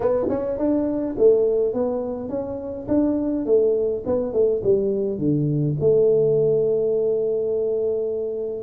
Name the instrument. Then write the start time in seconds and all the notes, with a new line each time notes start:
tuba
0.00 B3
0.29 C#4
0.57 D4
1.18 A3
1.73 B3
2.29 C#4
2.88 D4
3.45 A3
4.05 B3
4.32 A3
4.63 G3
5.18 D3
5.80 A3